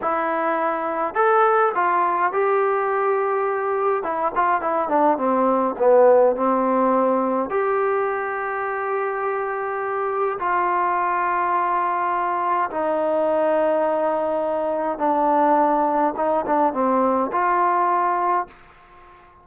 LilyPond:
\new Staff \with { instrumentName = "trombone" } { \time 4/4 \tempo 4 = 104 e'2 a'4 f'4 | g'2. e'8 f'8 | e'8 d'8 c'4 b4 c'4~ | c'4 g'2.~ |
g'2 f'2~ | f'2 dis'2~ | dis'2 d'2 | dis'8 d'8 c'4 f'2 | }